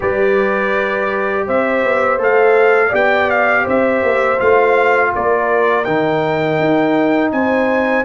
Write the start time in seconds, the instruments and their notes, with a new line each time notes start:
0.00 tuba G3, trombone G4, horn B4, trumpet D5
1.46 tuba C4, horn C5, trumpet E5
1.84 tuba B3
2.18 tuba A3, trombone A4, trumpet F5
2.88 tuba B3, trombone G4, horn D5
2.95 trumpet G5
3.30 trumpet F5
3.63 tuba C4, horn C5, trumpet E5
4.03 tuba A#3
4.38 tuba A3, trombone F4, trumpet F5
5.14 tuba A#3, horn A#4, trumpet D5
5.84 tuba D#3, trombone D#4, trumpet G5
6.59 tuba D#4
7.31 tuba C4, horn C5, trumpet G#5